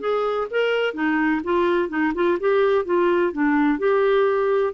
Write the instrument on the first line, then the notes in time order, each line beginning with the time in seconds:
clarinet
0.00 G#4
0.51 A#4
0.94 D#4
1.44 F4
1.89 D#4
2.15 F4
2.40 G4
2.85 F4
3.33 D4
3.79 G4